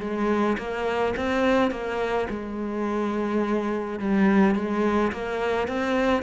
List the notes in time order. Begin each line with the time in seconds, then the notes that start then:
0.00 G#3
0.58 A#3
1.16 C4
1.71 A#3
2.30 G#3
3.99 G3
4.55 G#3
5.11 A#3
5.68 C4